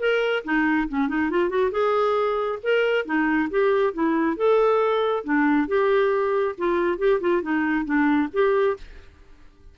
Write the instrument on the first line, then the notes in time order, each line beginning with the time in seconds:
clarinet
0.00 A#4
0.45 D#4
0.89 C#4
1.09 D#4
1.31 F4
1.50 F#4
1.72 G#4
2.63 A#4
3.06 D#4
3.51 G4
3.94 E4
4.37 A4
5.25 D4
5.68 G4
6.58 F4
6.99 G4
7.21 F4
7.43 D#4
7.86 D4
8.34 G4